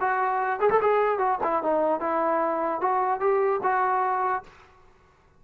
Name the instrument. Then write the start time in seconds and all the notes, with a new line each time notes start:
trombone
0.00 F#4
0.59 G#4
0.70 A4
0.81 G#4
1.18 F#4
1.43 E4
1.63 D#4
2.00 E4
2.81 F#4
3.20 G4
3.63 F#4